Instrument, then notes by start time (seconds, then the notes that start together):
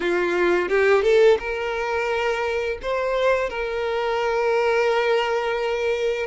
violin
0.00 F4
0.68 G4
1.02 A4
1.39 A#4
2.82 C5
3.49 A#4